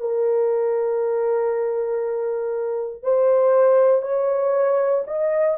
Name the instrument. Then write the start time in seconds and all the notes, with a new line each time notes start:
horn
0.00 A#4
3.03 C5
4.02 C#5
5.07 D#5